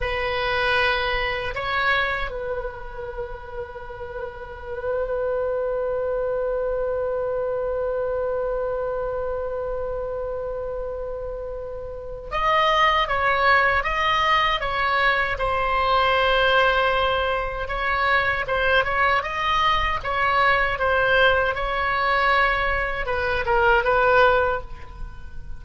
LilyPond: \new Staff \with { instrumentName = "oboe" } { \time 4/4 \tempo 4 = 78 b'2 cis''4 b'4~ | b'1~ | b'1~ | b'1 |
dis''4 cis''4 dis''4 cis''4 | c''2. cis''4 | c''8 cis''8 dis''4 cis''4 c''4 | cis''2 b'8 ais'8 b'4 | }